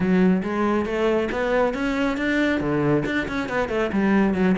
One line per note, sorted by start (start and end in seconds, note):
0.00 0.42 F#3
0.42 0.85 G#3
0.85 1.28 A3
1.31 1.74 B3
1.74 2.17 C#4
2.17 2.60 D4
2.60 3.03 D3
3.05 3.27 D4
3.27 3.48 C#4
3.48 3.69 B3
3.69 3.90 A3
3.92 4.34 G3
4.34 4.55 F#3